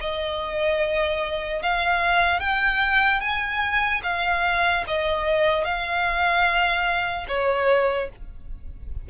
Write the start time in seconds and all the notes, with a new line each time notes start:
0.00 D#5
1.62 F5
2.40 G5
3.20 G#5
4.03 F5
4.87 D#5
5.64 F5
7.28 C#5